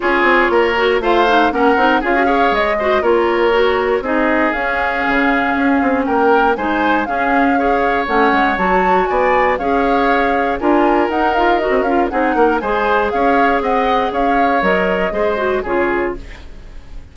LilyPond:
<<
  \new Staff \with { instrumentName = "flute" } { \time 4/4 \tempo 4 = 119 cis''2 f''4 fis''4 | f''4 dis''4 cis''2 | dis''4 f''2. | g''4 gis''4 f''2 |
fis''4 a''4 gis''4 f''4~ | f''4 gis''4 fis''8 f''8 dis''8 f''8 | fis''4 gis''4 f''4 fis''4 | f''4 dis''2 cis''4 | }
  \new Staff \with { instrumentName = "oboe" } { \time 4/4 gis'4 ais'4 c''4 ais'4 | gis'8 cis''4 c''8 ais'2 | gis'1 | ais'4 c''4 gis'4 cis''4~ |
cis''2 d''4 cis''4~ | cis''4 ais'2. | gis'8 ais'8 c''4 cis''4 dis''4 | cis''2 c''4 gis'4 | }
  \new Staff \with { instrumentName = "clarinet" } { \time 4/4 f'4. fis'8 f'8 dis'8 cis'8 dis'8 | f'16 fis'16 gis'4 fis'8 f'4 fis'4 | dis'4 cis'2.~ | cis'4 dis'4 cis'4 gis'4 |
cis'4 fis'2 gis'4~ | gis'4 f'4 dis'8 f'8 fis'8 f'8 | dis'4 gis'2.~ | gis'4 ais'4 gis'8 fis'8 f'4 | }
  \new Staff \with { instrumentName = "bassoon" } { \time 4/4 cis'8 c'8 ais4 a4 ais8 c'8 | cis'4 gis4 ais2 | c'4 cis'4 cis4 cis'8 c'8 | ais4 gis4 cis'2 |
a8 gis8 fis4 b4 cis'4~ | cis'4 d'4 dis'4~ dis'16 c'16 cis'8 | c'8 ais8 gis4 cis'4 c'4 | cis'4 fis4 gis4 cis4 | }
>>